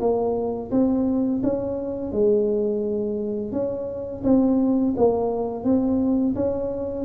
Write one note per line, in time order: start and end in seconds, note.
0.00 0.71 A#3
0.71 1.42 C4
1.43 2.12 C#4
2.12 3.52 G#3
3.52 4.22 C#4
4.24 4.94 C4
4.97 5.64 A#3
5.64 6.34 C4
6.35 7.05 C#4